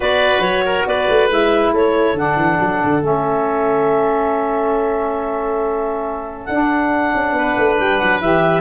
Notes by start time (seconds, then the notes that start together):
0.00 B3 F#4 B4 D5
0.39 F#3 C#5
0.65 A#4
0.86 B3 B4 D5
1.08 A3
1.28 G#3 E4 E5
1.72 A3 A4 C#5
2.13 D3 D4 F#5
2.36 E3
2.59 F#3
2.83 D3
3.01 A3 C#4 E5
6.45 D4 F#5
7.14 C#4
7.32 B3 B4
7.57 A3
7.79 G3 G5
7.97 F#3 F#5
8.20 E3 G4 E5